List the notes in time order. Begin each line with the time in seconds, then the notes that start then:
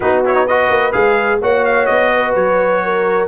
0.00 B3 D#4 F#4 B4
0.25 E4 C#5
0.35 D#4
0.47 F#4 B4 D#5
0.70 A#3
0.92 G#3 G#4 F5
1.41 A#3 F#4 C#5 F#5
1.65 F5
1.86 B3 D#5
2.13 B4
2.35 F#3 C#5
2.84 A#4